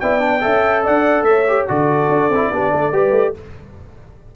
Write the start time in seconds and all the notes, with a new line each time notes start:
0.00 B3 E4 D5 G5
0.19 D4
0.41 C#4 A4 E5
0.85 D4 D5 F#5
1.23 A3 C#5 E5
1.48 G4
1.68 D3 F#4 A4 D5
2.09 D4
2.29 C4 E4
2.51 B3 D4 G4
2.72 A3 A4
2.93 G3 G4 B4
3.11 A3